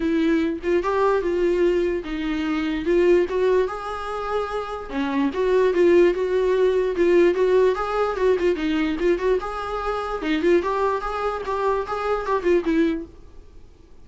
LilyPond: \new Staff \with { instrumentName = "viola" } { \time 4/4 \tempo 4 = 147 e'4. f'8 g'4 f'4~ | f'4 dis'2 f'4 | fis'4 gis'2. | cis'4 fis'4 f'4 fis'4~ |
fis'4 f'4 fis'4 gis'4 | fis'8 f'8 dis'4 f'8 fis'8 gis'4~ | gis'4 dis'8 f'8 g'4 gis'4 | g'4 gis'4 g'8 f'8 e'4 | }